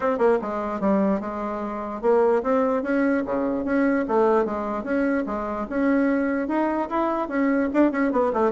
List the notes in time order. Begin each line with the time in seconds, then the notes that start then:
0.00 C4
0.18 A#3
0.41 G#3
0.80 G3
1.20 G#3
2.01 A#3
2.42 C4
2.82 C#4
3.25 C#3
3.64 C#4
4.07 A3
4.45 G#3
4.83 C#4
5.26 G#3
5.69 C#4
6.48 D#4
6.89 E4
7.28 C#4
7.73 D4
7.91 C#4
8.12 B3
8.33 A3